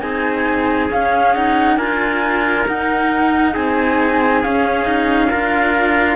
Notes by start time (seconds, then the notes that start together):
0.00 C4 D#4 G#4 G#5
0.90 C#4 F5
1.34 D#4 F#5
1.77 D4 F4 A#4 G#5
2.68 D#4 F#5
3.53 C4 G#4 G#5
4.43 C#4 F5
4.85 D#4
5.30 D4 F4 A#4